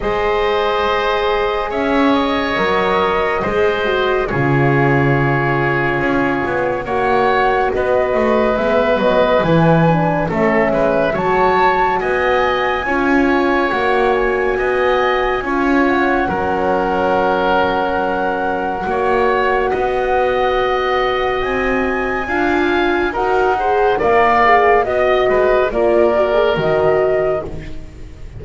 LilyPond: <<
  \new Staff \with { instrumentName = "flute" } { \time 4/4 \tempo 4 = 70 dis''2 e''8 dis''4.~ | dis''4 cis''2. | fis''4 dis''4 e''8 dis''8 gis''4 | e''4 a''4 gis''2 |
fis''8 gis''2 fis''4.~ | fis''1~ | fis''4 gis''2 fis''4 | f''4 dis''4 d''4 dis''4 | }
  \new Staff \with { instrumentName = "oboe" } { \time 4/4 c''2 cis''2 | c''4 gis'2. | cis''4 b'2. | a'8 b'8 cis''4 dis''4 cis''4~ |
cis''4 dis''4 cis''4 ais'4~ | ais'2 cis''4 dis''4~ | dis''2 f''4 ais'8 c''8 | d''4 dis''8 b'8 ais'2 | }
  \new Staff \with { instrumentName = "horn" } { \time 4/4 gis'2. ais'4 | gis'8 fis'8 f'2. | fis'2 b4 e'8 d'8 | cis'4 fis'2 f'4 |
fis'2 f'4 cis'4~ | cis'2 fis'2~ | fis'2 f'4 fis'8 gis'8 | ais'8 gis'8 fis'4 f'8 fis'16 gis'16 fis'4 | }
  \new Staff \with { instrumentName = "double bass" } { \time 4/4 gis2 cis'4 fis4 | gis4 cis2 cis'8 b8 | ais4 b8 a8 gis8 fis8 e4 | a8 gis8 fis4 b4 cis'4 |
ais4 b4 cis'4 fis4~ | fis2 ais4 b4~ | b4 c'4 d'4 dis'4 | ais4 b8 gis8 ais4 dis4 | }
>>